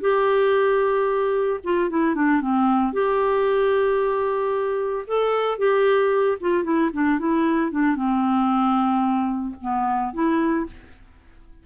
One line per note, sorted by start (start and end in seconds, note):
0.00 1.59 G4
1.63 1.89 F4
1.89 2.15 E4
2.15 2.41 D4
2.41 2.93 C4
2.93 5.05 G4
5.07 5.58 A4
5.58 6.37 G4
6.40 6.63 F4
6.63 6.90 E4
6.93 7.19 D4
7.19 7.71 E4
7.71 7.95 D4
7.95 9.55 C4
9.61 10.13 B3
10.13 10.66 E4